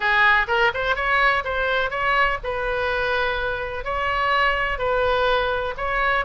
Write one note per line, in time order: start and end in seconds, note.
0.00 0.46 G#4
0.47 0.71 A#4
0.74 0.95 C5
0.95 1.43 C#5
1.44 1.90 C5
1.90 2.38 C#5
2.43 3.84 B4
3.84 4.78 C#5
4.78 5.74 B4
5.77 6.25 C#5